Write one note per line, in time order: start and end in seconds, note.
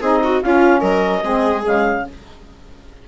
0.00 0.41 C4
0.00 0.41 D#4
0.00 0.21 G#4
0.00 0.42 D#5
0.23 0.44 F#4
0.42 1.23 C#4
0.42 0.82 C#4
0.42 0.80 F4
0.42 0.81 F5
0.80 1.22 F#3
0.80 1.21 A#4
0.80 1.62 D#5
1.23 1.64 G#3
1.23 1.62 C4
1.23 2.06 G#4
1.62 2.08 C#3
1.62 2.03 G#3
1.62 2.07 F5